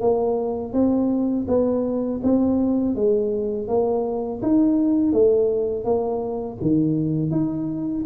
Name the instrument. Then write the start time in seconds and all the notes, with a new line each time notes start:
tuba
0.00 A#3
0.73 C4
1.47 B3
2.23 C4
2.95 G#3
3.67 A#3
4.42 D#4
5.12 A3
5.84 A#3
6.61 D#3
7.30 D#4